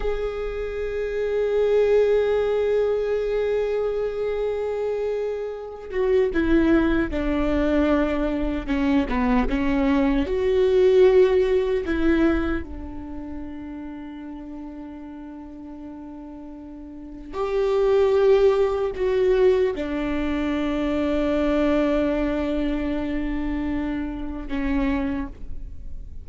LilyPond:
\new Staff \with { instrumentName = "viola" } { \time 4/4 \tempo 4 = 76 gis'1~ | gis'2.~ gis'8 fis'8 | e'4 d'2 cis'8 b8 | cis'4 fis'2 e'4 |
d'1~ | d'2 g'2 | fis'4 d'2.~ | d'2. cis'4 | }